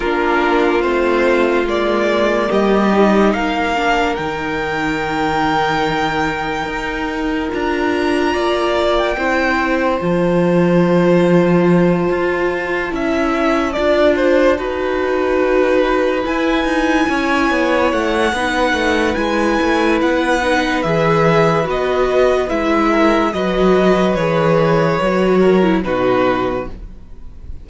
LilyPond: <<
  \new Staff \with { instrumentName = "violin" } { \time 4/4 \tempo 4 = 72 ais'4 c''4 d''4 dis''4 | f''4 g''2.~ | g''4 ais''4.~ ais''16 g''4~ g''16 | a''1~ |
a''2.~ a''8 gis''8~ | gis''4. fis''4. gis''4 | fis''4 e''4 dis''4 e''4 | dis''4 cis''2 b'4 | }
  \new Staff \with { instrumentName = "violin" } { \time 4/4 f'2. g'4 | ais'1~ | ais'2 d''4 c''4~ | c''2.~ c''8 e''8~ |
e''8 d''8 c''8 b'2~ b'8~ | b'8 cis''4. b'2~ | b'2.~ b'8 ais'8 | b'2~ b'8 ais'8 fis'4 | }
  \new Staff \with { instrumentName = "viola" } { \time 4/4 d'4 c'4 ais4. dis'8~ | dis'8 d'8 dis'2.~ | dis'4 f'2 e'4 | f'2.~ f'8 e'8~ |
e'8 f'4 fis'2 e'8~ | e'2 dis'4 e'4~ | e'8 dis'8 gis'4 fis'4 e'4 | fis'4 gis'4 fis'8. e'16 dis'4 | }
  \new Staff \with { instrumentName = "cello" } { \time 4/4 ais4 a4 gis4 g4 | ais4 dis2. | dis'4 d'4 ais4 c'4 | f2~ f8 f'4 cis'8~ |
cis'8 d'4 dis'2 e'8 | dis'8 cis'8 b8 a8 b8 a8 gis8 a8 | b4 e4 b4 gis4 | fis4 e4 fis4 b,4 | }
>>